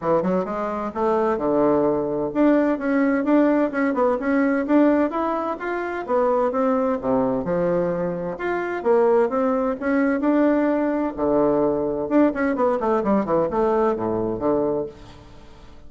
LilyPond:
\new Staff \with { instrumentName = "bassoon" } { \time 4/4 \tempo 4 = 129 e8 fis8 gis4 a4 d4~ | d4 d'4 cis'4 d'4 | cis'8 b8 cis'4 d'4 e'4 | f'4 b4 c'4 c4 |
f2 f'4 ais4 | c'4 cis'4 d'2 | d2 d'8 cis'8 b8 a8 | g8 e8 a4 a,4 d4 | }